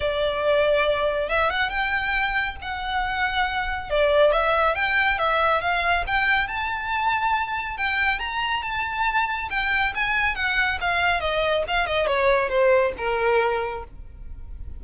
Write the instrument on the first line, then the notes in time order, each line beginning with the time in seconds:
violin
0.00 D5
1.29 E5
1.50 F#5
1.69 G5
2.61 F#5
3.90 D5
4.32 E5
4.75 G5
5.18 E5
5.61 F5
6.06 G5
6.47 A5
7.77 G5
8.19 A#5
8.62 A5
9.50 G5
9.94 G#5
10.35 F#5
10.80 F5
11.20 D#5
11.67 F5
11.86 D#5
12.06 C#5
12.49 C5
12.97 A#4